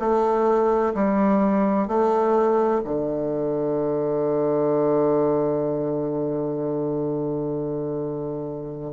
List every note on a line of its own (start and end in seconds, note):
0.00 0.94 A3
0.95 1.88 G3
1.88 2.82 A3
2.85 8.93 D3